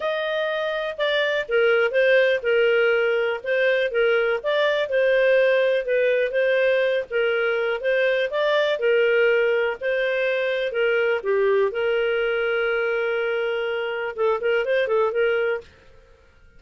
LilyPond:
\new Staff \with { instrumentName = "clarinet" } { \time 4/4 \tempo 4 = 123 dis''2 d''4 ais'4 | c''4 ais'2 c''4 | ais'4 d''4 c''2 | b'4 c''4. ais'4. |
c''4 d''4 ais'2 | c''2 ais'4 g'4 | ais'1~ | ais'4 a'8 ais'8 c''8 a'8 ais'4 | }